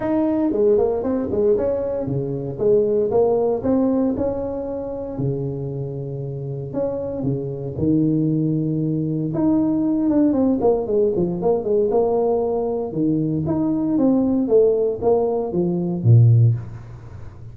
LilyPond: \new Staff \with { instrumentName = "tuba" } { \time 4/4 \tempo 4 = 116 dis'4 gis8 ais8 c'8 gis8 cis'4 | cis4 gis4 ais4 c'4 | cis'2 cis2~ | cis4 cis'4 cis4 dis4~ |
dis2 dis'4. d'8 | c'8 ais8 gis8 f8 ais8 gis8 ais4~ | ais4 dis4 dis'4 c'4 | a4 ais4 f4 ais,4 | }